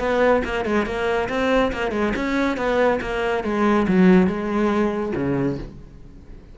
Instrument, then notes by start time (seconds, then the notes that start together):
cello
0.00 B3
0.45 A#3
0.65 G#3
0.86 A#3
1.29 C4
1.73 A#3
1.92 G#3
2.16 C#4
2.57 B3
3.01 A#3
3.44 G#3
3.88 F#3
4.27 G#3
5.16 C#3